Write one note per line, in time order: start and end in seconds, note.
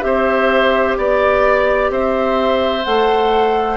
0.00 0.96 C4
0.00 2.81 G4
0.00 0.97 C5
0.00 0.95 E5
0.97 1.90 B3
0.97 1.91 D5
1.90 2.84 C4
1.90 3.77 C5
1.90 2.84 E5
2.84 3.77 A3
2.84 3.77 A4
2.84 3.77 F#5